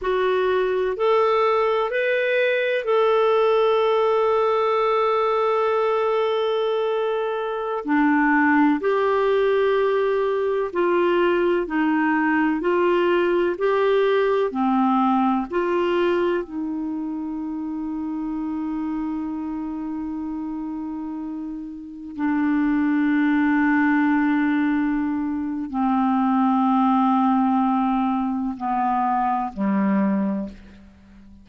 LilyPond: \new Staff \with { instrumentName = "clarinet" } { \time 4/4 \tempo 4 = 63 fis'4 a'4 b'4 a'4~ | a'1~ | a'16 d'4 g'2 f'8.~ | f'16 dis'4 f'4 g'4 c'8.~ |
c'16 f'4 dis'2~ dis'8.~ | dis'2.~ dis'16 d'8.~ | d'2. c'4~ | c'2 b4 g4 | }